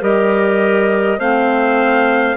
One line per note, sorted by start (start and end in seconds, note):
0.00 1.18 G3
0.00 1.18 G4
0.00 1.18 A#4
0.00 1.19 D#5
1.18 2.36 A3
1.18 2.36 C4
1.18 2.35 C5
1.18 2.37 F5